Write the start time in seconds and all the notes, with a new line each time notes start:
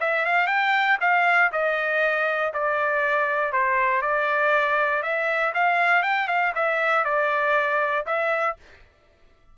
0.00 E5
0.25 F5
0.47 G5
1.00 F5
1.52 D#5
2.53 D5
3.52 C5
4.02 D5
5.02 E5
5.54 F5
6.03 G5
6.28 F5
6.55 E5
7.05 D5
8.06 E5